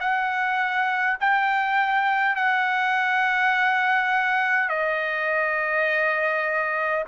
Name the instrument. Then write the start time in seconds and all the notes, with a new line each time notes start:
trumpet
0.00 F#5
1.20 G5
2.36 F#5
4.69 D#5